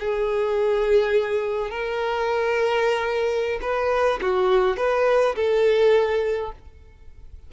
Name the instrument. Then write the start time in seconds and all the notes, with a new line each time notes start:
violin
0.00 G#4
1.71 A#4
3.62 B4
4.22 F#4
4.77 B4
5.36 A4